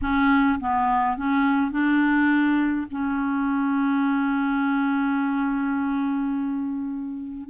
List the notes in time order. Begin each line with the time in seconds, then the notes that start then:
0.01 C#4
0.60 B3
1.17 C#4
1.71 D4
2.90 C#4